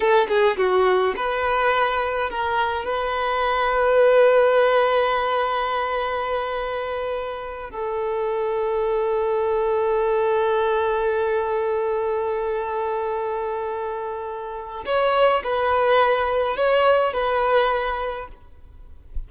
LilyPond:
\new Staff \with { instrumentName = "violin" } { \time 4/4 \tempo 4 = 105 a'8 gis'8 fis'4 b'2 | ais'4 b'2.~ | b'1~ | b'4. a'2~ a'8~ |
a'1~ | a'1~ | a'2 cis''4 b'4~ | b'4 cis''4 b'2 | }